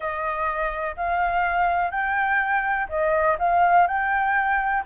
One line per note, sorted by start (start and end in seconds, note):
0.00 0.95 D#5
0.96 1.90 F5
1.90 2.87 G5
2.89 3.37 D#5
3.38 3.87 F5
3.87 4.84 G5